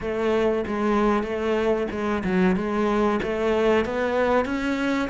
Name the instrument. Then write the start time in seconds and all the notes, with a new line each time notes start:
cello
0.00 A3
0.66 G#3
1.23 A3
1.91 G#3
2.23 F#3
2.56 G#3
3.22 A3
3.85 B3
4.45 C#4